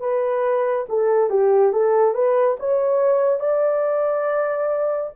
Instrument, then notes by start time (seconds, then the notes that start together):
horn
0.00 B4
0.89 A4
1.30 G4
1.73 A4
2.14 B4
2.59 C#5
3.40 D5